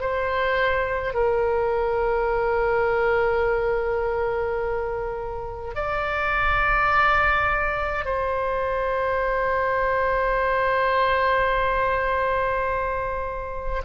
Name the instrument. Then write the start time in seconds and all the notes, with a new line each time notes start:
oboe
0.00 C5
1.14 A#4
5.75 D5
8.05 C5